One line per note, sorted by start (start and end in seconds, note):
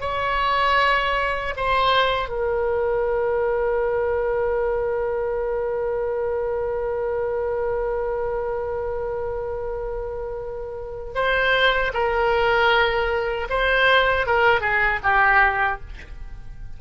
0.00 1.54 C#5
1.56 2.29 C5
2.29 11.13 A#4
11.15 11.92 C5
11.93 13.47 A#4
13.49 14.26 C5
14.26 14.60 A#4
14.60 14.99 G#4
15.03 15.80 G4